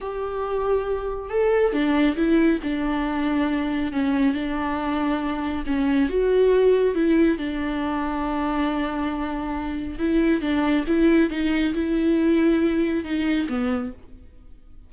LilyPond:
\new Staff \with { instrumentName = "viola" } { \time 4/4 \tempo 4 = 138 g'2. a'4 | d'4 e'4 d'2~ | d'4 cis'4 d'2~ | d'4 cis'4 fis'2 |
e'4 d'2.~ | d'2. e'4 | d'4 e'4 dis'4 e'4~ | e'2 dis'4 b4 | }